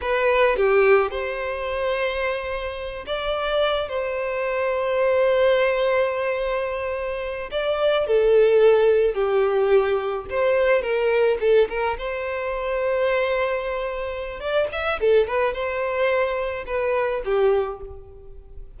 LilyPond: \new Staff \with { instrumentName = "violin" } { \time 4/4 \tempo 4 = 108 b'4 g'4 c''2~ | c''4. d''4. c''4~ | c''1~ | c''4. d''4 a'4.~ |
a'8 g'2 c''4 ais'8~ | ais'8 a'8 ais'8 c''2~ c''8~ | c''2 d''8 e''8 a'8 b'8 | c''2 b'4 g'4 | }